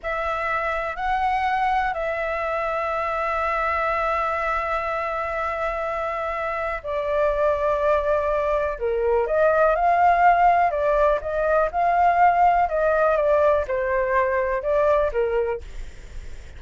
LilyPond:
\new Staff \with { instrumentName = "flute" } { \time 4/4 \tempo 4 = 123 e''2 fis''2 | e''1~ | e''1~ | e''2 d''2~ |
d''2 ais'4 dis''4 | f''2 d''4 dis''4 | f''2 dis''4 d''4 | c''2 d''4 ais'4 | }